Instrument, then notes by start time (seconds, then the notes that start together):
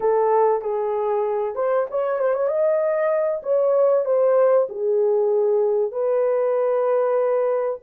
horn
0.00 A4
0.61 G#4
1.55 C5
1.90 C#5
2.19 C5
2.34 C#5
2.47 D#5
3.42 C#5
4.05 C5
4.69 G#4
5.91 B4